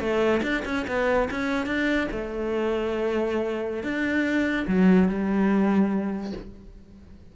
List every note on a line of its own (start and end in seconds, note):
0.00 0.41 A3
0.43 0.64 D4
0.65 0.86 C#4
0.88 1.29 B3
1.31 1.67 C#4
1.67 2.08 D4
2.12 3.84 A3
3.84 4.66 D4
4.68 5.09 F#3
5.09 6.33 G3